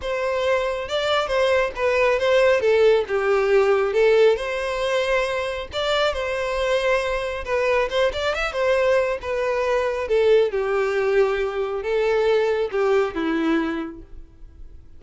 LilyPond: \new Staff \with { instrumentName = "violin" } { \time 4/4 \tempo 4 = 137 c''2 d''4 c''4 | b'4 c''4 a'4 g'4~ | g'4 a'4 c''2~ | c''4 d''4 c''2~ |
c''4 b'4 c''8 d''8 e''8 c''8~ | c''4 b'2 a'4 | g'2. a'4~ | a'4 g'4 e'2 | }